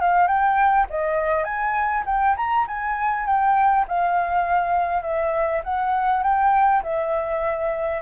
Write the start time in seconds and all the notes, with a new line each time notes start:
0.00 F5
0.27 G5
0.89 D#5
1.44 G#5
2.06 G5
2.37 A#5
2.67 G#5
3.26 G5
3.87 F5
5.02 E5
5.63 F#5
6.23 G5
6.83 E5